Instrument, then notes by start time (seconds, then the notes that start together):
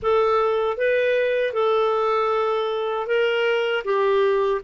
clarinet
0.02 A4
0.77 B4
1.53 A4
3.06 A#4
3.84 G4